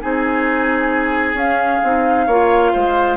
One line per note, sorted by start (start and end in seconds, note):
0.00 1.34 C4
0.00 1.35 D#4
0.00 2.26 G#4
0.00 1.37 G#5
1.34 1.79 C#4
1.34 1.81 C#4
1.34 3.17 F5
1.83 2.27 C4
1.83 2.29 D#4
2.26 2.72 A#3
2.26 3.17 F4
2.26 2.72 C#5
2.73 3.17 G#3
2.73 3.17 C5